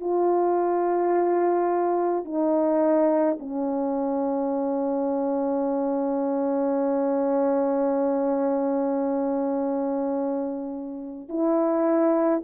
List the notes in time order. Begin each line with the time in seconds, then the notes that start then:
0.00 F4
2.24 D#4
3.39 C#4
11.28 E4